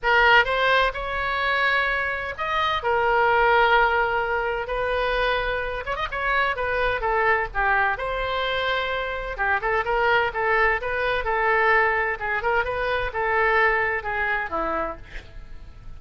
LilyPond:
\new Staff \with { instrumentName = "oboe" } { \time 4/4 \tempo 4 = 128 ais'4 c''4 cis''2~ | cis''4 dis''4 ais'2~ | ais'2 b'2~ | b'8 cis''16 dis''16 cis''4 b'4 a'4 |
g'4 c''2. | g'8 a'8 ais'4 a'4 b'4 | a'2 gis'8 ais'8 b'4 | a'2 gis'4 e'4 | }